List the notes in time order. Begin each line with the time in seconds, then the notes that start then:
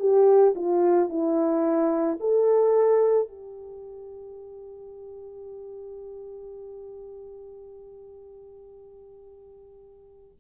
0.00 G4
0.56 F4
1.10 E4
2.20 A4
3.29 G4